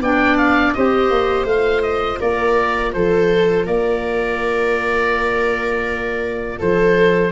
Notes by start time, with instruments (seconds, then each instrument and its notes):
0.00 tuba B3, clarinet D4, viola D5, oboe G5
0.37 oboe F5
0.73 tuba C4, clarinet G4, viola C5, oboe D#5
1.10 tuba A#3
1.44 tuba A3, clarinet F4, oboe F5
1.82 oboe D#5
2.20 tuba A#3, viola A#4, oboe D5
2.93 tuba F3, viola A4, oboe C5
3.65 tuba A#3, viola A#4, oboe D5
6.58 tuba F3, viola A4, oboe C5